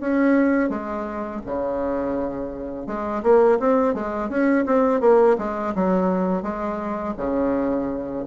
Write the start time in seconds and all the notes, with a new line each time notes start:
0.00 C#4
0.69 G#3
1.45 C#3
2.86 G#3
3.23 A#3
3.59 C4
3.94 G#3
4.29 C#4
4.66 C4
5.00 A#3
5.38 G#3
5.75 F#3
6.43 G#3
7.17 C#3